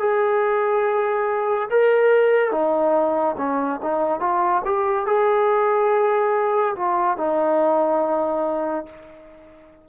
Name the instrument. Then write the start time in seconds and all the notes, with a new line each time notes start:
trombone
0.00 G#4
1.71 A#4
2.52 D#4
3.38 C#4
3.83 D#4
4.20 F4
4.65 G4
5.07 G#4
6.76 F4
7.18 D#4